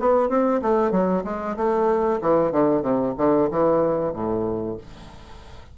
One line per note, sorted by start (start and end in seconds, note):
0.00 0.30 B3
0.30 0.62 C4
0.62 0.92 A3
0.92 1.24 F#3
1.25 1.57 G#3
1.57 2.21 A3
2.22 2.52 E3
2.52 2.83 D3
2.83 3.15 C3
3.18 3.50 D3
3.51 4.14 E3
4.14 4.78 A2